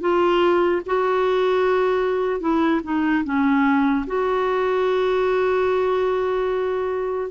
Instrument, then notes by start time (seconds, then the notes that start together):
clarinet
0.00 F4
0.86 F#4
2.40 E4
2.83 D#4
3.24 C#4
4.06 F#4